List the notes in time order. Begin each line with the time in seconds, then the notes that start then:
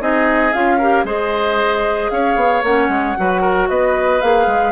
0.00 C4 D#4 G#4 D#5
0.53 C#4 F4 F5
0.78 G4 A#4
1.04 G#3 G#4 C5 D#5
2.10 C#4 C#5 F5
2.36 B3
2.63 A#3 C#4 F#5
2.88 G#3
3.17 F#3 F#4 B4
3.41 A#4
3.69 B3 B4 D#5
4.21 A#3 G#4 F5
4.46 G#3